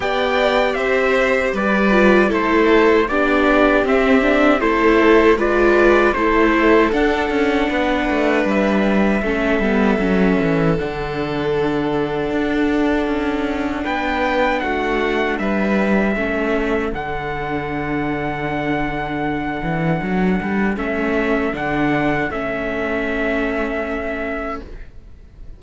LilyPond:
<<
  \new Staff \with { instrumentName = "trumpet" } { \time 4/4 \tempo 4 = 78 g''4 e''4 d''4 c''4 | d''4 e''4 c''4 d''4 | c''4 fis''2 e''4~ | e''2 fis''2~ |
fis''2 g''4 fis''4 | e''2 fis''2~ | fis''2. e''4 | fis''4 e''2. | }
  \new Staff \with { instrumentName = "violin" } { \time 4/4 d''4 c''4 b'4 a'4 | g'2 a'4 b'4 | a'2 b'2 | a'1~ |
a'2 b'4 fis'4 | b'4 a'2.~ | a'1~ | a'1 | }
  \new Staff \with { instrumentName = "viola" } { \time 4/4 g'2~ g'8 f'8 e'4 | d'4 c'8 d'8 e'4 f'4 | e'4 d'2. | cis'8 b8 cis'4 d'2~ |
d'1~ | d'4 cis'4 d'2~ | d'2. cis'4 | d'4 cis'2. | }
  \new Staff \with { instrumentName = "cello" } { \time 4/4 b4 c'4 g4 a4 | b4 c'4 a4 gis4 | a4 d'8 cis'8 b8 a8 g4 | a8 g8 fis8 e8 d2 |
d'4 cis'4 b4 a4 | g4 a4 d2~ | d4. e8 fis8 g8 a4 | d4 a2. | }
>>